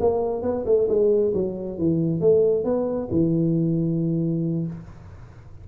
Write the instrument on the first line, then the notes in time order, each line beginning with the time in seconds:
tuba
0.00 A#3
0.42 B3
0.65 A3
0.88 G#3
1.34 F#3
1.78 E3
2.20 A3
2.64 B3
3.11 E3